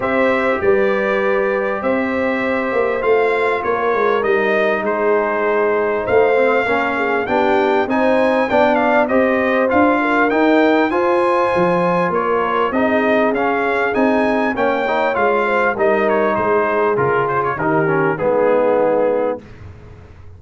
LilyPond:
<<
  \new Staff \with { instrumentName = "trumpet" } { \time 4/4 \tempo 4 = 99 e''4 d''2 e''4~ | e''4 f''4 cis''4 dis''4 | c''2 f''2 | g''4 gis''4 g''8 f''8 dis''4 |
f''4 g''4 gis''2 | cis''4 dis''4 f''4 gis''4 | g''4 f''4 dis''8 cis''8 c''4 | ais'8 c''16 cis''16 ais'4 gis'2 | }
  \new Staff \with { instrumentName = "horn" } { \time 4/4 c''4 b'2 c''4~ | c''2 ais'2 | gis'2 c''4 ais'8 gis'8 | g'4 c''4 d''4 c''4~ |
c''8 ais'4. c''2 | ais'4 gis'2. | cis''4. c''8 ais'4 gis'4~ | gis'4 g'4 dis'2 | }
  \new Staff \with { instrumentName = "trombone" } { \time 4/4 g'1~ | g'4 f'2 dis'4~ | dis'2~ dis'8 c'8 cis'4 | d'4 dis'4 d'4 g'4 |
f'4 dis'4 f'2~ | f'4 dis'4 cis'4 dis'4 | cis'8 dis'8 f'4 dis'2 | f'4 dis'8 cis'8 b2 | }
  \new Staff \with { instrumentName = "tuba" } { \time 4/4 c'4 g2 c'4~ | c'8 ais8 a4 ais8 gis8 g4 | gis2 a4 ais4 | b4 c'4 b4 c'4 |
d'4 dis'4 f'4 f4 | ais4 c'4 cis'4 c'4 | ais4 gis4 g4 gis4 | cis4 dis4 gis2 | }
>>